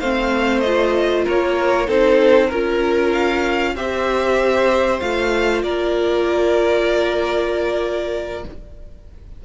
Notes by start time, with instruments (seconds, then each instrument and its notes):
0.00 cello A3, viola C4, violin C5 F5
0.61 viola F4, violin D#5
1.25 cello A#3, violin A#4 C#5
1.87 cello C4, viola D#4, violin A4 C5
2.47 cello C#4, viola F4, violin A#4
3.14 violin F5
3.76 cello C4, viola G4, violin C5 E5
5.00 cello A3, viola F4, violin F5
5.63 cello A#3, violin A#4 D5